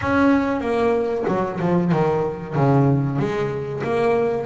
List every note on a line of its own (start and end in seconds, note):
0.01 0.61 C#4
0.61 1.24 A#3
1.27 1.59 F#3
1.60 1.91 F3
1.92 2.55 D#3
2.55 3.18 C#3
3.18 3.82 G#3
3.83 4.46 A#3